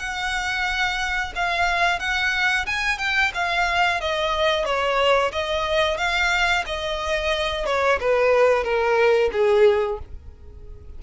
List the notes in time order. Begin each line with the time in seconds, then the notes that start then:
0.00 F#5
1.36 F5
2.00 F#5
2.66 G#5
2.99 G5
3.35 F5
4.01 D#5
4.65 C#5
5.32 D#5
5.98 F5
6.66 D#5
7.66 C#5
8.01 B4
8.64 A#4
9.32 G#4